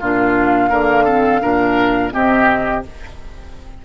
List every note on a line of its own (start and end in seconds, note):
0.00 0.71 A#2
0.00 0.71 D4
0.00 0.70 F4
0.00 2.12 F5
0.70 1.42 D3
0.70 1.07 A#3
0.70 1.05 A#4
1.05 1.40 C4
1.05 1.40 A4
1.40 2.14 A#2
1.40 2.11 D4
1.40 2.14 A#4
2.11 2.85 C3
2.11 2.83 C4
2.11 2.85 G4
2.11 2.83 D#5